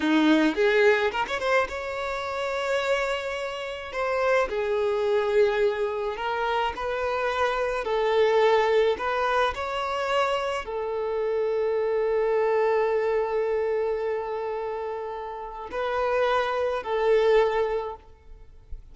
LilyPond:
\new Staff \with { instrumentName = "violin" } { \time 4/4 \tempo 4 = 107 dis'4 gis'4 ais'16 cis''16 c''8 cis''4~ | cis''2. c''4 | gis'2. ais'4 | b'2 a'2 |
b'4 cis''2 a'4~ | a'1~ | a'1 | b'2 a'2 | }